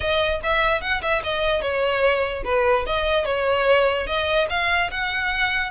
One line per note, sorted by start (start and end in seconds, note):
0.00 0.40 D#5
0.43 0.81 E5
0.81 1.01 F#5
1.02 1.22 E5
1.23 1.61 D#5
1.61 2.43 C#5
2.44 2.85 B4
2.86 3.25 D#5
3.25 4.06 C#5
4.06 4.47 D#5
4.49 4.90 F5
4.90 5.71 F#5